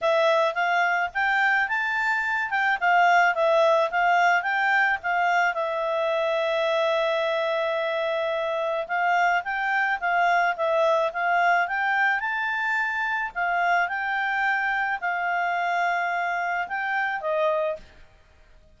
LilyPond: \new Staff \with { instrumentName = "clarinet" } { \time 4/4 \tempo 4 = 108 e''4 f''4 g''4 a''4~ | a''8 g''8 f''4 e''4 f''4 | g''4 f''4 e''2~ | e''1 |
f''4 g''4 f''4 e''4 | f''4 g''4 a''2 | f''4 g''2 f''4~ | f''2 g''4 dis''4 | }